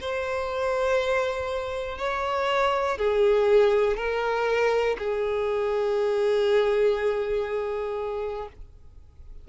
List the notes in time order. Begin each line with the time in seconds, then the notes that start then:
0.00 C5
1.98 C#5
2.98 G#4
3.97 A#4
4.98 G#4